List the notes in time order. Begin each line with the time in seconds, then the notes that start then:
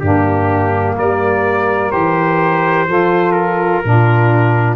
0.00 G2 A#3 D4 G4
0.96 G3 A#4 D5
1.91 E3 G4 C5
2.87 F3 F4 A4
3.32 A#4
3.84 A#2 D4 F4